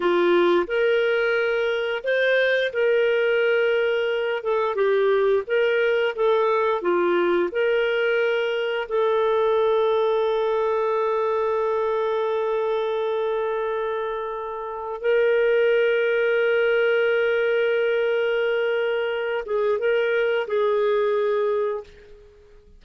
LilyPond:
\new Staff \with { instrumentName = "clarinet" } { \time 4/4 \tempo 4 = 88 f'4 ais'2 c''4 | ais'2~ ais'8 a'8 g'4 | ais'4 a'4 f'4 ais'4~ | ais'4 a'2.~ |
a'1~ | a'2 ais'2~ | ais'1~ | ais'8 gis'8 ais'4 gis'2 | }